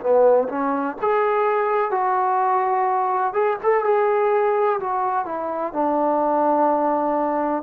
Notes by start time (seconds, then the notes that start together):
0.00 B3
0.48 C#4
1.01 G#4
1.91 F#4
3.33 G#4
3.63 A4
3.84 G#4
4.80 F#4
5.25 E4
5.73 D4